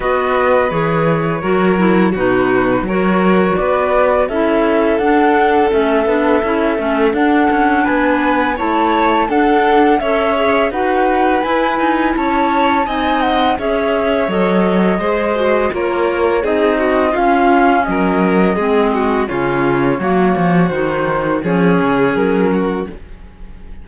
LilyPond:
<<
  \new Staff \with { instrumentName = "flute" } { \time 4/4 \tempo 4 = 84 dis''4 cis''2 b'4 | cis''4 d''4 e''4 fis''4 | e''2 fis''4 gis''4 | a''4 fis''4 e''4 fis''4 |
gis''4 a''4 gis''8 fis''8 e''4 | dis''2 cis''4 dis''4 | f''4 dis''2 cis''4~ | cis''4 c''4 cis''4 ais'4 | }
  \new Staff \with { instrumentName = "violin" } { \time 4/4 b'2 ais'4 fis'4 | ais'4 b'4 a'2~ | a'2. b'4 | cis''4 a'4 cis''4 b'4~ |
b'4 cis''4 dis''4 cis''4~ | cis''4 c''4 ais'4 gis'8 fis'8 | f'4 ais'4 gis'8 fis'8 f'4 | fis'2 gis'4. fis'8 | }
  \new Staff \with { instrumentName = "clarinet" } { \time 4/4 fis'4 gis'4 fis'8 e'8 dis'4 | fis'2 e'4 d'4 | cis'8 d'8 e'8 cis'8 d'2 | e'4 d'4 a'8 gis'8 fis'4 |
e'2 dis'4 gis'4 | a'4 gis'8 fis'8 f'4 dis'4 | cis'2 c'4 cis'4 | ais4 dis'4 cis'2 | }
  \new Staff \with { instrumentName = "cello" } { \time 4/4 b4 e4 fis4 b,4 | fis4 b4 cis'4 d'4 | a8 b8 cis'8 a8 d'8 cis'8 b4 | a4 d'4 cis'4 dis'4 |
e'8 dis'8 cis'4 c'4 cis'4 | fis4 gis4 ais4 c'4 | cis'4 fis4 gis4 cis4 | fis8 f8 dis4 f8 cis8 fis4 | }
>>